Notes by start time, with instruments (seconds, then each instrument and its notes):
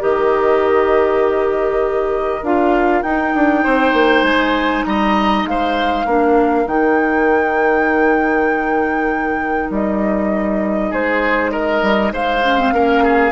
0.00 bassoon D#3, clarinet G4, oboe A#4, flute D#5
2.43 bassoon D4, clarinet F4, flute F5
3.03 bassoon D#4, clarinet D#4, flute G5
3.35 bassoon D4
3.64 bassoon C4, oboe C5
3.93 bassoon A#3
4.23 bassoon G#3, flute G#5
4.85 bassoon G3, oboe D#5, flute A#5
5.45 bassoon G#3, oboe C5, flute F5
6.06 bassoon A#3, clarinet D4, oboe A#4
6.66 bassoon D#3, clarinet D#4, flute G5
9.71 bassoon G3, flute D#5
10.91 bassoon G#3, oboe G#4, flute C5
11.52 oboe A#4, flute D#5
11.82 bassoon G3
12.12 bassoon G#3, oboe C5, flute F5
12.44 clarinet C#4
12.58 clarinet C4
12.72 bassoon A#3, clarinet C#4, oboe A#4
13.04 oboe G#4